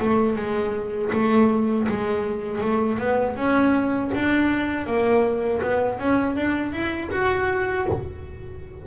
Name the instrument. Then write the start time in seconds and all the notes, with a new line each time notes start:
double bass
0.00 A3
0.36 G#3
1.12 A3
1.89 G#3
2.61 A3
2.99 B3
3.36 C#4
4.14 D4
4.86 A#3
5.62 B3
5.99 C#4
6.36 D4
6.73 E4
7.11 F#4